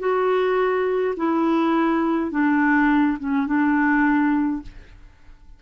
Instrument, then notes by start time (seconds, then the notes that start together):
clarinet
0.00 F#4
1.17 E4
2.32 D4
3.19 C#4
3.47 D4